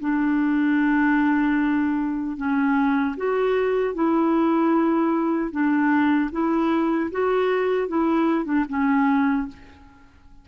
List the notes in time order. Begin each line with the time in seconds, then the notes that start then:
0.00 D4
2.37 C#4
3.17 F#4
3.95 E4
5.52 D4
6.32 E4
7.12 F#4
7.88 E4
8.45 D4
8.69 C#4